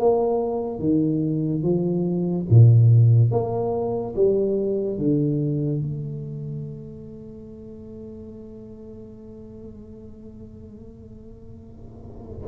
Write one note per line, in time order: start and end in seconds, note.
0.00 0.80 A#3
0.80 1.63 D#3
1.63 2.46 F3
2.50 3.31 A#2
3.31 4.15 A#3
4.16 4.98 G3
4.98 5.81 D3
5.81 12.48 A3